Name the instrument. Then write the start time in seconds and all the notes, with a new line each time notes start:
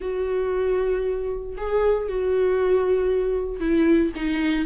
viola
0.00 F#4
1.57 G#4
2.08 F#4
3.60 E4
4.15 D#4